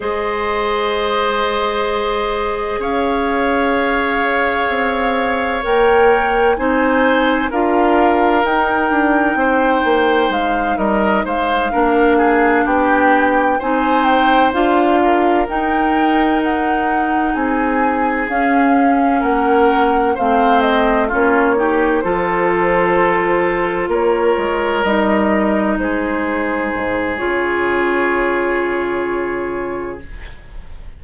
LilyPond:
<<
  \new Staff \with { instrumentName = "flute" } { \time 4/4 \tempo 4 = 64 dis''2. f''4~ | f''2 g''4 gis''4 | f''4 g''2 f''8 dis''8 | f''4. g''4 gis''8 g''8 f''8~ |
f''8 g''4 fis''4 gis''4 f''8~ | f''8 fis''4 f''8 dis''8 cis''4 c''8~ | c''4. cis''4 dis''4 c''8~ | c''4 cis''2. | }
  \new Staff \with { instrumentName = "oboe" } { \time 4/4 c''2. cis''4~ | cis''2. c''4 | ais'2 c''4. ais'8 | c''8 ais'8 gis'8 g'4 c''4. |
ais'2~ ais'8 gis'4.~ | gis'8 ais'4 c''4 f'8 g'8 a'8~ | a'4. ais'2 gis'8~ | gis'1 | }
  \new Staff \with { instrumentName = "clarinet" } { \time 4/4 gis'1~ | gis'2 ais'4 dis'4 | f'4 dis'2.~ | dis'8 d'2 dis'4 f'8~ |
f'8 dis'2. cis'8~ | cis'4. c'4 cis'8 dis'8 f'8~ | f'2~ f'8 dis'4.~ | dis'4 f'2. | }
  \new Staff \with { instrumentName = "bassoon" } { \time 4/4 gis2. cis'4~ | cis'4 c'4 ais4 c'4 | d'4 dis'8 d'8 c'8 ais8 gis8 g8 | gis8 ais4 b4 c'4 d'8~ |
d'8 dis'2 c'4 cis'8~ | cis'8 ais4 a4 ais4 f8~ | f4. ais8 gis8 g4 gis8~ | gis8 gis,8 cis2. | }
>>